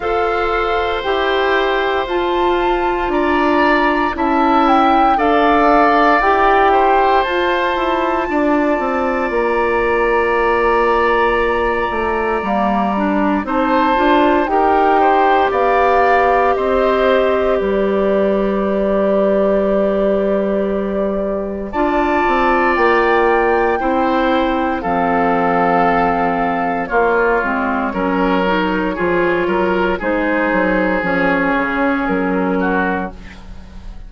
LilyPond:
<<
  \new Staff \with { instrumentName = "flute" } { \time 4/4 \tempo 4 = 58 f''4 g''4 a''4 ais''4 | a''8 g''8 f''4 g''4 a''4~ | a''4 ais''2.~ | ais''4 a''4 g''4 f''4 |
dis''4 d''2.~ | d''4 a''4 g''2 | f''2 cis''2~ | cis''4 c''4 cis''4 ais'4 | }
  \new Staff \with { instrumentName = "oboe" } { \time 4/4 c''2. d''4 | e''4 d''4. c''4. | d''1~ | d''4 c''4 ais'8 c''8 d''4 |
c''4 b'2.~ | b'4 d''2 c''4 | a'2 f'4 ais'4 | gis'8 ais'8 gis'2~ gis'8 fis'8 | }
  \new Staff \with { instrumentName = "clarinet" } { \time 4/4 a'4 g'4 f'2 | e'4 a'4 g'4 f'4~ | f'1 | ais8 d'8 dis'8 f'8 g'2~ |
g'1~ | g'4 f'2 e'4 | c'2 ais8 c'8 cis'8 dis'8 | f'4 dis'4 cis'2 | }
  \new Staff \with { instrumentName = "bassoon" } { \time 4/4 f'4 e'4 f'4 d'4 | cis'4 d'4 e'4 f'8 e'8 | d'8 c'8 ais2~ ais8 a8 | g4 c'8 d'8 dis'4 b4 |
c'4 g2.~ | g4 d'8 c'8 ais4 c'4 | f2 ais8 gis8 fis4 | f8 fis8 gis8 fis8 f8 cis8 fis4 | }
>>